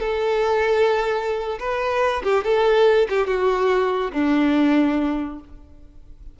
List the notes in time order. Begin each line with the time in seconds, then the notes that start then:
0.00 A4
1.59 B4
2.23 G4
2.44 A4
3.10 G4
3.27 F#4
4.13 D4